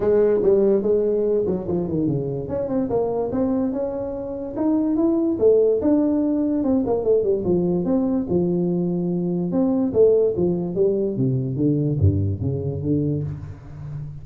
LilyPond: \new Staff \with { instrumentName = "tuba" } { \time 4/4 \tempo 4 = 145 gis4 g4 gis4. fis8 | f8 dis8 cis4 cis'8 c'8 ais4 | c'4 cis'2 dis'4 | e'4 a4 d'2 |
c'8 ais8 a8 g8 f4 c'4 | f2. c'4 | a4 f4 g4 c4 | d4 g,4 cis4 d4 | }